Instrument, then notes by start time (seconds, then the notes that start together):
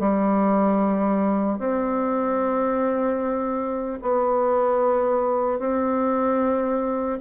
bassoon
0.00 G3
1.59 C4
4.03 B3
5.60 C4